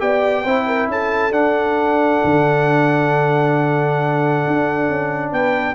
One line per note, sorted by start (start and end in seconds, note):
0.00 0.45 B3
0.00 0.44 G4
0.00 0.43 D5
0.00 0.90 G5
0.43 0.88 C4
0.43 1.32 E4
0.43 0.66 C5
0.67 0.89 A#4
0.88 1.32 C#4
0.88 5.34 A4
0.88 1.33 A5
1.32 5.75 D4
1.32 2.21 D4
1.32 5.33 F#5
2.24 4.47 D3
4.47 4.90 D4
4.90 5.32 C#4
5.32 5.75 B3
5.32 5.75 B4
5.32 5.75 G5